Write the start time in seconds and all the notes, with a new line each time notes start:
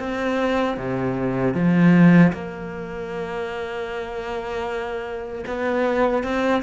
0.00 C4
0.78 C3
1.55 F3
2.33 A#3
5.47 B3
6.24 C4